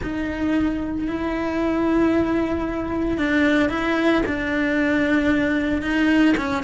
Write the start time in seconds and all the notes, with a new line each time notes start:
0.02 D#4
1.07 E4
3.17 D4
3.69 E4
4.26 D4
5.81 D#4
6.37 C#4